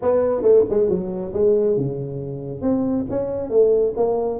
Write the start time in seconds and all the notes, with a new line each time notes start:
0.02 B3
0.42 A3
0.69 G#3
0.89 F#3
1.33 G#3
1.77 C#3
2.61 C4
3.10 C#4
3.50 A3
3.96 A#3